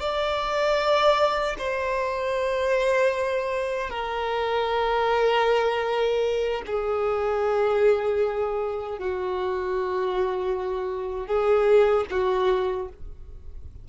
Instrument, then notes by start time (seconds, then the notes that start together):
violin
0.00 D5
1.58 C5
3.90 A#4
6.66 G#4
8.98 F#4
11.27 G#4
12.11 F#4